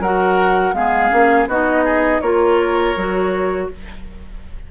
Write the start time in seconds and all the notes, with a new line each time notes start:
0.00 F#3 F#4 A#4 F#5
0.74 G#3 B3 G#4 F5
1.11 A#3 C#4
1.47 B3 D#4 F#4 D#5
1.85 G#4
2.21 A#3 F4 A#4 C#5
2.97 F#3 F#4